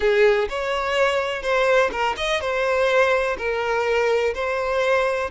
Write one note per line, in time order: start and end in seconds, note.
0.00 0.48 G#4
0.49 1.42 C#5
1.42 1.90 C5
1.91 2.15 A#4
2.16 2.40 D#5
2.40 3.36 C5
3.38 4.34 A#4
4.34 5.30 C5